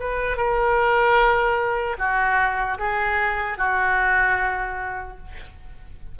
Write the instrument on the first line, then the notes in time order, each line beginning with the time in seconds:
oboe
0.00 B4
0.37 A#4
1.99 F#4
2.79 G#4
3.58 F#4